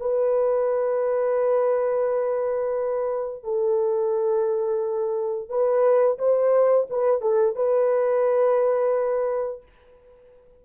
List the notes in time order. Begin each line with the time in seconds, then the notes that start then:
0.00 B4
3.44 A4
5.49 B4
6.18 C5
6.90 B4
7.21 A4
7.56 B4